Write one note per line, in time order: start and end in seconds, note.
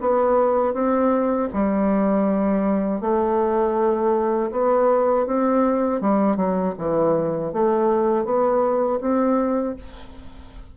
0.00 0.73 B3
0.73 1.48 C4
1.53 3.00 G3
3.00 4.50 A3
4.51 5.26 B3
5.26 6.00 C4
6.00 6.36 G3
6.36 6.74 F#3
6.77 7.52 E3
7.52 8.24 A3
8.24 8.99 B3
9.00 9.75 C4